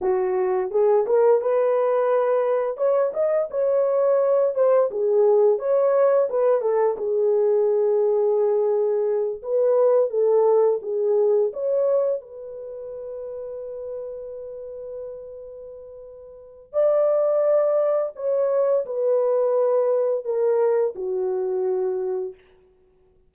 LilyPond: \new Staff \with { instrumentName = "horn" } { \time 4/4 \tempo 4 = 86 fis'4 gis'8 ais'8 b'2 | cis''8 dis''8 cis''4. c''8 gis'4 | cis''4 b'8 a'8 gis'2~ | gis'4. b'4 a'4 gis'8~ |
gis'8 cis''4 b'2~ b'8~ | b'1 | d''2 cis''4 b'4~ | b'4 ais'4 fis'2 | }